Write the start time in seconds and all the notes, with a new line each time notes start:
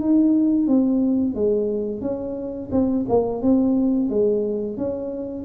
0.00 D#4
0.67 C4
1.35 G#3
2.01 C#4
2.71 C4
3.09 A#3
3.42 C4
4.09 G#3
4.77 C#4